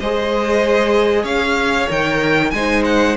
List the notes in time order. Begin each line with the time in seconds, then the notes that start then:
0.00 G#3 G#4 C5 D#5
1.23 C#4 C#5 F5
1.89 D#3 A#4 G5
2.51 G#3 D#4 C5 G#5
2.85 F#5